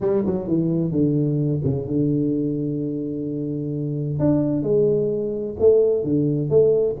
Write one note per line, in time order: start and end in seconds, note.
0.00 0.23 G3
0.26 0.47 F#3
0.47 0.91 E3
0.91 1.61 D3
1.64 1.86 C#3
1.86 4.19 D3
4.19 4.62 D4
4.62 5.55 G#3
5.59 6.03 A3
6.03 6.49 D3
6.49 6.96 A3